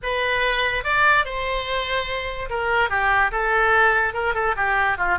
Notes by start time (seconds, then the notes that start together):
0.03 B4
0.84 D5
1.25 C5
2.49 A#4
2.89 G4
3.31 A4
4.13 A#4
4.34 A4
4.56 G4
4.97 F4